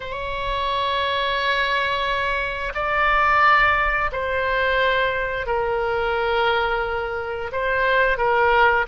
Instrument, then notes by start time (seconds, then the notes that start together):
oboe
0.00 C#5
2.74 D5
4.12 C5
5.46 A#4
7.52 C5
8.17 A#4